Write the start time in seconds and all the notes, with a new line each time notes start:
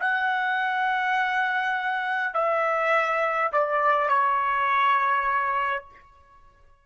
0.00 F#5
2.34 E5
3.52 D5
4.09 C#5